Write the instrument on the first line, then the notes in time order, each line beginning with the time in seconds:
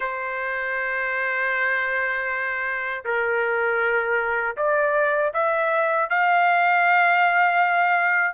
trumpet
0.00 C5
3.04 A#4
4.56 D5
5.33 E5
6.09 F5